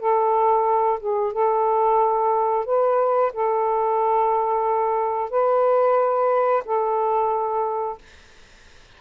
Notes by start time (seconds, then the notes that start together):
0.00 A4
1.00 G#4
1.33 A4
2.66 B4
3.33 A4
5.31 B4
6.65 A4